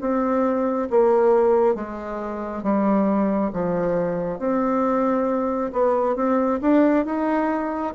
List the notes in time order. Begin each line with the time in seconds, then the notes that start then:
0.00 C4
0.90 A#3
1.74 G#3
2.63 G3
3.53 F3
4.38 C4
5.72 B3
6.15 C4
6.61 D4
7.05 D#4